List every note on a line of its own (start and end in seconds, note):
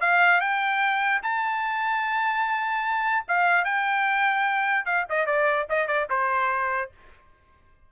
0.00 0.40 F5
0.40 1.21 G5
1.22 3.25 A5
3.27 3.64 F5
3.64 4.85 G5
4.85 5.05 F5
5.09 5.26 D#5
5.26 5.66 D5
5.69 5.87 D#5
5.87 6.07 D5
6.10 6.91 C5